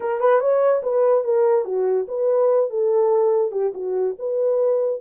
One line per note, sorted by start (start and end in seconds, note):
0.00 0.20 A#4
0.20 0.40 B4
0.40 0.82 C#5
0.82 1.23 B4
1.23 1.64 A#4
1.64 2.06 F#4
2.08 2.70 B4
2.70 3.51 A4
3.51 3.72 G4
3.74 4.15 F#4
4.18 5.01 B4